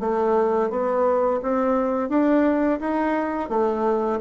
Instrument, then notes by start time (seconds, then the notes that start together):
bassoon
0.00 A3
0.70 B3
1.42 C4
2.09 D4
2.80 D#4
3.49 A3